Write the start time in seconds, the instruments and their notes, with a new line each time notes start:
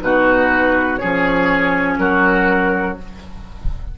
0.00 bassoon B2, clarinet D#4, oboe F#4, flute B4
0.97 bassoon F3, clarinet C#4, oboe G#4, flute C#5
1.98 bassoon F#3, oboe F#4, flute A#4